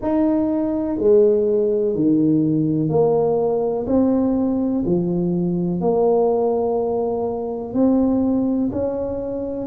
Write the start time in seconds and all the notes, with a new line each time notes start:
0.02 D#4
0.98 G#3
1.95 D#3
2.89 A#3
3.86 C4
4.85 F3
5.81 A#3
7.73 C4
8.71 C#4